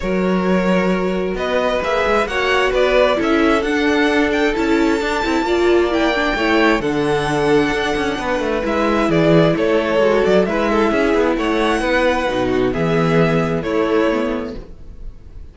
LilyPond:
<<
  \new Staff \with { instrumentName = "violin" } { \time 4/4 \tempo 4 = 132 cis''2. dis''4 | e''4 fis''4 d''4 e''4 | fis''4. g''8 a''2~ | a''4 g''2 fis''4~ |
fis''2. e''4 | d''4 cis''4. d''8 e''4~ | e''4 fis''2. | e''2 cis''2 | }
  \new Staff \with { instrumentName = "violin" } { \time 4/4 ais'2. b'4~ | b'4 cis''4 b'4 a'4~ | a'1 | d''2 cis''4 a'4~ |
a'2 b'2 | gis'4 a'2 b'8 a'8 | gis'4 cis''4 b'4. fis'8 | gis'2 e'2 | }
  \new Staff \with { instrumentName = "viola" } { \time 4/4 fis'1 | gis'4 fis'2 e'4 | d'2 e'4 d'8 e'8 | f'4 e'8 d'8 e'4 d'4~ |
d'2. e'4~ | e'2 fis'4 e'4~ | e'2. dis'4 | b2 a4 b4 | }
  \new Staff \with { instrumentName = "cello" } { \time 4/4 fis2. b4 | ais8 gis8 ais4 b4 cis'4 | d'2 cis'4 d'8 c'8 | ais2 a4 d4~ |
d4 d'8 cis'8 b8 a8 gis4 | e4 a4 gis8 fis8 gis4 | cis'8 b8 a4 b4 b,4 | e2 a2 | }
>>